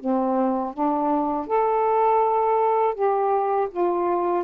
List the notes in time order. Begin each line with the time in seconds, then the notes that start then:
0.00 C4
0.74 D4
1.47 A4
2.94 G4
3.71 F4